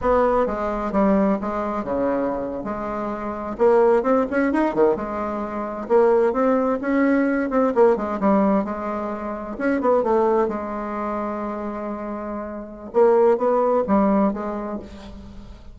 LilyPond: \new Staff \with { instrumentName = "bassoon" } { \time 4/4 \tempo 4 = 130 b4 gis4 g4 gis4 | cis4.~ cis16 gis2 ais16~ | ais8. c'8 cis'8 dis'8 dis8 gis4~ gis16~ | gis8. ais4 c'4 cis'4~ cis'16~ |
cis'16 c'8 ais8 gis8 g4 gis4~ gis16~ | gis8. cis'8 b8 a4 gis4~ gis16~ | gis1 | ais4 b4 g4 gis4 | }